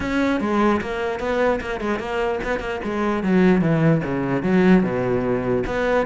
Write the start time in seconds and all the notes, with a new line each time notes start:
0.00 C#4
0.40 G#3
0.81 A#3
1.19 B3
1.61 A#3
1.80 G#3
1.99 A#3
2.43 B3
2.59 A#3
2.84 G#3
3.23 F#3
3.61 E3
4.04 C#3
4.43 F#3
4.83 B2
5.66 B3